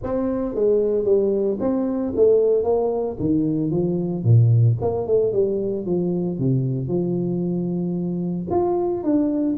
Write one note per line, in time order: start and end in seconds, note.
0.03 0.55 C4
0.55 1.04 G#3
1.04 1.57 G3
1.60 2.13 C4
2.16 2.63 A3
2.63 3.16 A#3
3.19 3.70 D#3
3.70 4.23 F3
4.23 4.76 A#2
4.81 5.07 A#3
5.07 5.32 A3
5.32 5.85 G3
5.86 6.38 F3
6.38 6.88 C3
6.88 8.47 F3
8.50 9.03 F4
9.03 9.56 D4